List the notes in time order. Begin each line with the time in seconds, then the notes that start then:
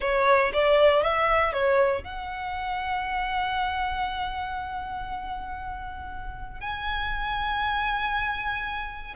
0.00 C#5
0.53 D5
1.02 E5
1.53 C#5
2.03 F#5
6.60 G#5